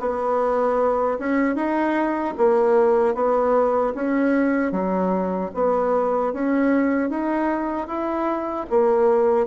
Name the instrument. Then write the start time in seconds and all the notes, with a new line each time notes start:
bassoon
0.00 B3
1.19 C#4
1.55 D#4
2.38 A#3
3.15 B3
3.95 C#4
4.72 F#3
5.54 B3
6.33 C#4
7.10 D#4
7.88 E4
8.70 A#3